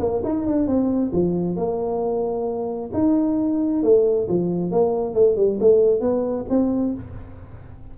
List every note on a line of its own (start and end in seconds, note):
0.00 0.22 A#3
0.24 0.46 D#4
0.46 0.67 D4
0.67 1.12 C4
1.13 1.56 F3
1.56 2.91 A#3
2.93 3.83 D#4
3.83 4.28 A3
4.28 4.71 F3
4.71 5.14 A#3
5.14 5.36 A3
5.36 5.59 G3
5.60 6.01 A3
6.01 6.46 B3
6.49 6.94 C4